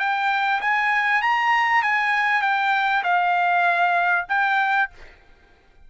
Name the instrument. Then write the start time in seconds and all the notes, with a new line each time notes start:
trumpet
0.00 G5
0.61 G#5
1.22 A#5
1.83 G#5
2.42 G5
3.04 F5
4.29 G5